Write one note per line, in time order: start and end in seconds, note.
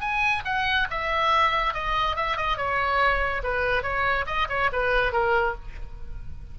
0.00 0.43 G#5
0.44 0.87 F#5
0.90 1.73 E5
1.73 2.16 D#5
2.16 2.37 E5
2.37 2.57 D#5
2.57 3.42 C#5
3.43 3.82 B4
3.82 4.25 C#5
4.26 4.47 D#5
4.49 4.70 C#5
4.72 5.12 B4
5.12 5.55 A#4